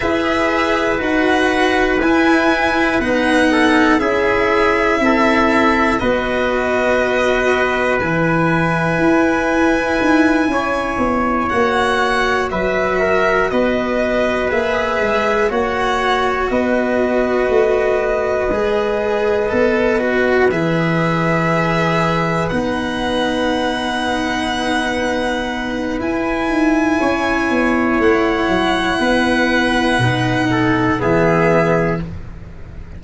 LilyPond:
<<
  \new Staff \with { instrumentName = "violin" } { \time 4/4 \tempo 4 = 60 e''4 fis''4 gis''4 fis''4 | e''2 dis''2 | gis''2.~ gis''8 fis''8~ | fis''8 e''4 dis''4 e''4 fis''8~ |
fis''8 dis''2.~ dis''8~ | dis''8 e''2 fis''4.~ | fis''2 gis''2 | fis''2. e''4 | }
  \new Staff \with { instrumentName = "trumpet" } { \time 4/4 b'2.~ b'8 a'8 | gis'4 a'4 b'2~ | b'2~ b'8 cis''4.~ | cis''8 b'8 ais'8 b'2 cis''8~ |
cis''8 b'2.~ b'8~ | b'1~ | b'2. cis''4~ | cis''4 b'4. a'8 gis'4 | }
  \new Staff \with { instrumentName = "cello" } { \time 4/4 gis'4 fis'4 e'4 dis'4 | e'2 fis'2 | e'2.~ e'8 fis'8~ | fis'2~ fis'8 gis'4 fis'8~ |
fis'2~ fis'8 gis'4 a'8 | fis'8 gis'2 dis'4.~ | dis'2 e'2~ | e'2 dis'4 b4 | }
  \new Staff \with { instrumentName = "tuba" } { \time 4/4 e'4 dis'4 e'4 b4 | cis'4 c'4 b2 | e4 e'4 dis'8 cis'8 b8 ais8~ | ais8 fis4 b4 ais8 gis8 ais8~ |
ais8 b4 a4 gis4 b8~ | b8 e2 b4.~ | b2 e'8 dis'8 cis'8 b8 | a8 fis8 b4 b,4 e4 | }
>>